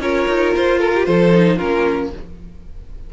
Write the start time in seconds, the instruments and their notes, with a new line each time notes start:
0.00 cello C#4, viola F4, violin A#4 C#5
0.28 cello D#4
0.56 cello F4, violin C5
0.78 violin A4 A#4
0.95 violin G4
1.05 cello F3, violin A4 C5
1.33 viola D#4
1.57 cello A#3, viola C#4, violin F4 A#4